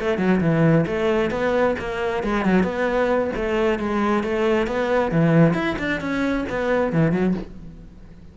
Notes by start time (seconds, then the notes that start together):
0.00 A3
0.18 F#3
0.41 E3
0.87 A3
1.31 B3
1.79 A#3
2.24 G#3
2.45 F#3
2.64 B3
3.36 A3
3.79 G#3
4.24 A3
4.67 B3
5.11 E3
5.54 E4
5.79 D4
6.01 C#4
6.50 B3
6.93 E3
7.12 F#3